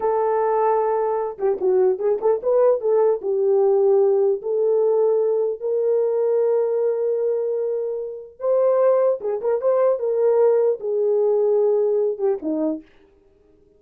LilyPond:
\new Staff \with { instrumentName = "horn" } { \time 4/4 \tempo 4 = 150 a'2.~ a'8 g'8 | fis'4 gis'8 a'8 b'4 a'4 | g'2. a'4~ | a'2 ais'2~ |
ais'1~ | ais'4 c''2 gis'8 ais'8 | c''4 ais'2 gis'4~ | gis'2~ gis'8 g'8 dis'4 | }